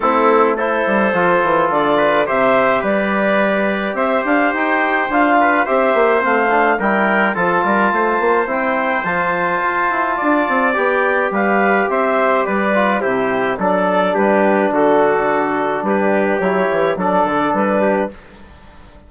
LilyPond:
<<
  \new Staff \with { instrumentName = "clarinet" } { \time 4/4 \tempo 4 = 106 a'4 c''2 d''4 | e''4 d''2 e''8 f''8 | g''4 f''4 e''4 f''4 | g''4 a''2 g''4 |
a''2. g''4 | f''4 e''4 d''4 c''4 | d''4 b'4 a'2 | b'4 cis''4 d''4 b'4 | }
  \new Staff \with { instrumentName = "trumpet" } { \time 4/4 e'4 a'2~ a'8 b'8 | c''4 b'2 c''4~ | c''4. b'8 c''2 | ais'4 a'8 ais'8 c''2~ |
c''2 d''2 | b'4 c''4 b'4 g'4 | a'4 g'4 fis'2 | g'2 a'4. g'8 | }
  \new Staff \with { instrumentName = "trombone" } { \time 4/4 c'4 e'4 f'2 | g'1~ | g'4 f'4 g'4 c'8 d'8 | e'4 f'2 e'4 |
f'2. g'4~ | g'2~ g'8 f'8 e'4 | d'1~ | d'4 e'4 d'2 | }
  \new Staff \with { instrumentName = "bassoon" } { \time 4/4 a4. g8 f8 e8 d4 | c4 g2 c'8 d'8 | dis'4 d'4 c'8 ais8 a4 | g4 f8 g8 a8 ais8 c'4 |
f4 f'8 e'8 d'8 c'8 b4 | g4 c'4 g4 c4 | fis4 g4 d2 | g4 fis8 e8 fis8 d8 g4 | }
>>